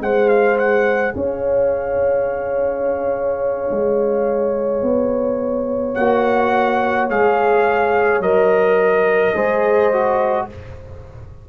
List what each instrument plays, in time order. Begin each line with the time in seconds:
0.00 tuba G#3, trombone G#4, horn C5, trumpet F#5
0.29 trumpet F5
0.58 trumpet F#5
1.14 tuba C#4, horn C#5, trumpet F5
3.71 tuba G#3
4.83 tuba B3
5.95 tuba A#3, trombone F#4, trumpet F#5
7.10 tuba G#3, trombone G#4, trumpet F5
8.20 tuba F#3, trombone A#4, trumpet D#5
9.34 tuba G#3, trombone G#4, horn C5
9.93 trombone F#4